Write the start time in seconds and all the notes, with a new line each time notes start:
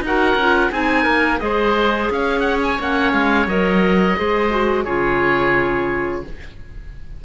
0.00 D#4 F#4 F#5
0.07 A#4
0.35 C#4 F4
0.71 C4 D#4 G#4 G#5
1.03 A#3 A#4
1.38 G#3 G#4 C5 D#5
2.10 C#4 C#5 F5
2.40 F#5
2.63 G#5
2.79 A#3 C#4 F#5
3.12 G#3 F5
3.46 F#3 A#4 D#5
4.16 G#3 G#4 C5
4.50 F#4
4.84 C#3 F4 G#4 C#5